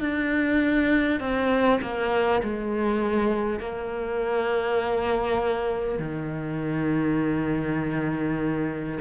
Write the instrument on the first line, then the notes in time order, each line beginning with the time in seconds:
cello
0.00 D4
1.21 C4
1.82 A#3
2.43 G#3
3.59 A#3
5.99 D#3